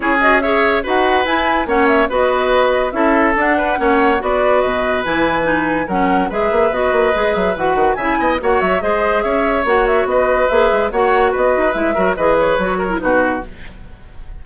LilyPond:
<<
  \new Staff \with { instrumentName = "flute" } { \time 4/4 \tempo 4 = 143 cis''8 dis''8 e''4 fis''4 gis''4 | fis''8 e''8 dis''2 e''4 | fis''2 d''4 dis''4 | gis''2 fis''4 e''4 |
dis''4. e''8 fis''4 gis''4 | fis''8 e''8 dis''4 e''4 fis''8 e''8 | dis''4 e''4 fis''4 dis''4 | e''4 dis''8 cis''4. b'4 | }
  \new Staff \with { instrumentName = "oboe" } { \time 4/4 gis'4 cis''4 b'2 | cis''4 b'2 a'4~ | a'8 b'8 cis''4 b'2~ | b'2 ais'4 b'4~ |
b'2. e''8 dis''8 | cis''4 c''4 cis''2 | b'2 cis''4 b'4~ | b'8 ais'8 b'4. ais'8 fis'4 | }
  \new Staff \with { instrumentName = "clarinet" } { \time 4/4 e'8 fis'8 gis'4 fis'4 e'4 | cis'4 fis'2 e'4 | d'4 cis'4 fis'2 | e'4 dis'4 cis'4 gis'4 |
fis'4 gis'4 fis'4 e'4 | fis'4 gis'2 fis'4~ | fis'4 gis'4 fis'2 | e'8 fis'8 gis'4 fis'8. e'16 dis'4 | }
  \new Staff \with { instrumentName = "bassoon" } { \time 4/4 cis'2 dis'4 e'4 | ais4 b2 cis'4 | d'4 ais4 b4 b,4 | e2 fis4 gis8 ais8 |
b8 ais8 gis8 fis8 e8 dis8 cis8 b8 | ais8 fis8 gis4 cis'4 ais4 | b4 ais8 gis8 ais4 b8 dis'8 | gis8 fis8 e4 fis4 b,4 | }
>>